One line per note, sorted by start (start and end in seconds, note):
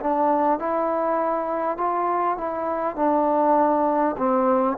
0.00 0.59 D4
0.59 1.77 E4
1.77 2.37 F4
2.37 2.96 E4
2.96 4.16 D4
4.17 4.77 C4